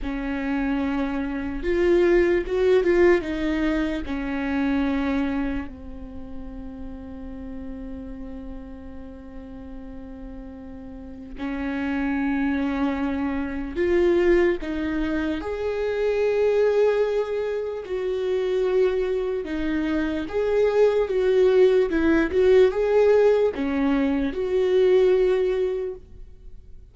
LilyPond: \new Staff \with { instrumentName = "viola" } { \time 4/4 \tempo 4 = 74 cis'2 f'4 fis'8 f'8 | dis'4 cis'2 c'4~ | c'1~ | c'2 cis'2~ |
cis'4 f'4 dis'4 gis'4~ | gis'2 fis'2 | dis'4 gis'4 fis'4 e'8 fis'8 | gis'4 cis'4 fis'2 | }